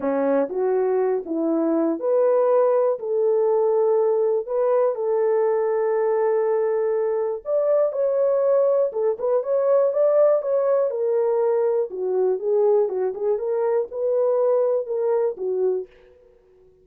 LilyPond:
\new Staff \with { instrumentName = "horn" } { \time 4/4 \tempo 4 = 121 cis'4 fis'4. e'4. | b'2 a'2~ | a'4 b'4 a'2~ | a'2. d''4 |
cis''2 a'8 b'8 cis''4 | d''4 cis''4 ais'2 | fis'4 gis'4 fis'8 gis'8 ais'4 | b'2 ais'4 fis'4 | }